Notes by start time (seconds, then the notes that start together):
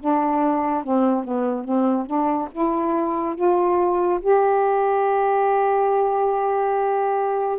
0.00 D4
0.84 C4
1.24 B3
1.65 C4
2.07 D4
2.52 E4
3.36 F4
4.21 G4